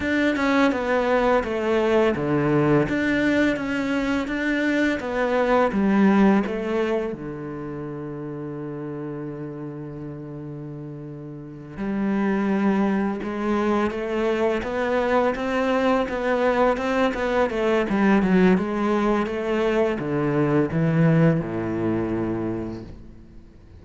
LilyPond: \new Staff \with { instrumentName = "cello" } { \time 4/4 \tempo 4 = 84 d'8 cis'8 b4 a4 d4 | d'4 cis'4 d'4 b4 | g4 a4 d2~ | d1~ |
d8 g2 gis4 a8~ | a8 b4 c'4 b4 c'8 | b8 a8 g8 fis8 gis4 a4 | d4 e4 a,2 | }